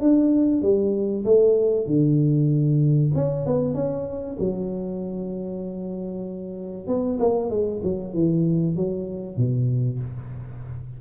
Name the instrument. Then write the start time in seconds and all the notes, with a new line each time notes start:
tuba
0.00 D4
0.62 G3
1.24 A3
1.86 D3
3.14 C#4
3.46 B3
3.74 C#4
4.39 F#3
6.87 B3
7.19 A#3
7.50 G#3
7.83 F#3
8.13 E3
8.76 F#3
9.37 B2